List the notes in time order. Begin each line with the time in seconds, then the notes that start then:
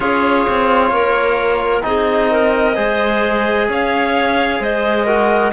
0.00 C#4 F4 G#4 C#5
0.48 C4
0.90 A#3 A#4
1.82 C4 D#4 G#4 D#5
2.30 A#4
2.75 G#3 G#4 C5
3.68 C#4 C#5 F5
4.59 G#3 C5 D#5
5.05 F#4 A#4